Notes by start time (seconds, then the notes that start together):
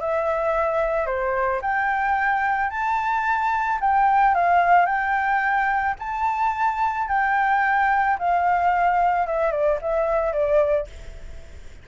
0.00 E5
1.06 C5
1.61 G5
2.70 A5
3.80 G5
4.34 F5
4.85 G5
5.99 A5
7.08 G5
8.18 F5
9.26 E5
9.51 D5
9.81 E5
10.32 D5